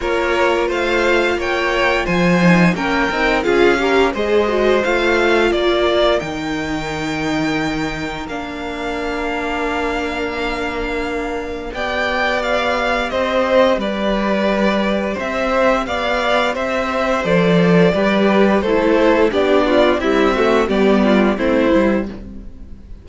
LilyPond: <<
  \new Staff \with { instrumentName = "violin" } { \time 4/4 \tempo 4 = 87 cis''4 f''4 g''4 gis''4 | g''4 f''4 dis''4 f''4 | d''4 g''2. | f''1~ |
f''4 g''4 f''4 dis''4 | d''2 e''4 f''4 | e''4 d''2 c''4 | d''4 e''4 d''4 c''4 | }
  \new Staff \with { instrumentName = "violin" } { \time 4/4 ais'4 c''4 cis''4 c''4 | ais'4 gis'8 ais'8 c''2 | ais'1~ | ais'1~ |
ais'4 d''2 c''4 | b'2 c''4 d''4 | c''2 b'4 a'4 | g'8 f'8 e'8 fis'8 g'8 f'8 e'4 | }
  \new Staff \with { instrumentName = "viola" } { \time 4/4 f'2.~ f'8 dis'8 | cis'8 dis'8 f'8 g'8 gis'8 fis'8 f'4~ | f'4 dis'2. | d'1~ |
d'4 g'2.~ | g'1~ | g'4 a'4 g'4 e'4 | d'4 g8 a8 b4 c'8 e'8 | }
  \new Staff \with { instrumentName = "cello" } { \time 4/4 ais4 a4 ais4 f4 | ais8 c'8 cis'4 gis4 a4 | ais4 dis2. | ais1~ |
ais4 b2 c'4 | g2 c'4 b4 | c'4 f4 g4 a4 | b4 c'4 g4 a8 g8 | }
>>